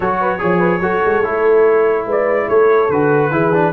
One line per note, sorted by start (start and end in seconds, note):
0.00 0.40 F#3
0.00 0.38 F#4
0.00 0.18 A4
0.00 2.07 C#5
0.20 0.41 B4
0.38 0.80 F3
0.38 0.80 G#4
0.38 0.59 C#5
0.59 0.80 B4
0.80 1.01 F#3
0.80 1.23 F#4
0.80 2.06 A4
1.05 1.24 G#3
1.23 2.06 A3
1.23 2.89 E4
2.06 2.47 G#3
2.06 2.48 B4
2.06 2.49 D5
2.49 2.89 A3
2.49 3.32 A4
2.49 2.90 C#5
2.89 3.30 D3
2.89 3.31 F#4
2.89 3.72 B4
3.30 3.72 E3
3.30 3.52 E4
3.30 3.72 G#4
3.53 3.72 D4